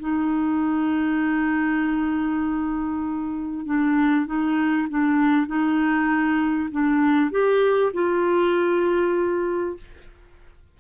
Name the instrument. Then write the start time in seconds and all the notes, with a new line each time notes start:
clarinet
0.00 D#4
3.66 D4
4.27 D#4
4.90 D4
5.47 D#4
6.72 D4
7.31 G4
7.94 F4